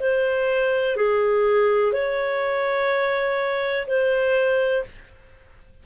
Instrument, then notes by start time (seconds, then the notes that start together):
clarinet
0.00 C5
0.96 G#4
1.93 C#5
3.88 C5